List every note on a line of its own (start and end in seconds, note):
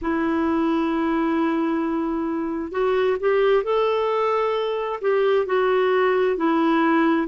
0.01 2.71 E4
2.71 3.17 F#4
3.20 3.63 G4
3.63 5.00 A4
5.01 5.45 G4
5.45 6.36 F#4
6.36 7.27 E4